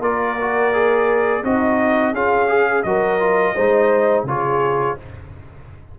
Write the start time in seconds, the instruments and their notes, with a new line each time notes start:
0.00 tuba A#3, trombone F4, horn A#4, trumpet D5
0.40 trombone F#4
0.73 trombone G#4
1.43 tuba C4, horn D#4, trombone F#4, trumpet D#5
2.13 tuba C#4, trombone F4, horn G#4, trumpet F5
2.47 trombone G#4
2.83 tuba F#3, trombone F#4, horn A#4, trumpet D#5
3.19 trombone F4
3.54 tuba G#3, trombone D#4, horn C5
4.23 tuba C#3, trombone F4, horn G#4, trumpet C#5